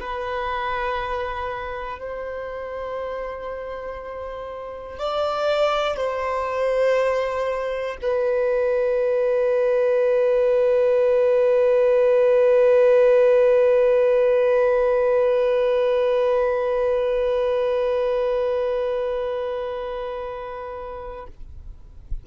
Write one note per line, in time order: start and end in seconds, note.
0.00 1.99 B4
1.99 4.99 C5
4.99 5.97 D5
5.97 7.97 C5
8.02 21.27 B4